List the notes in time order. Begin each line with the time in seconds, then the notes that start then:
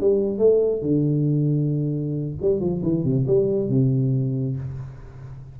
0.00 G3
0.38 A3
0.82 D3
2.41 G3
2.60 F3
2.82 E3
3.04 C3
3.27 G3
3.69 C3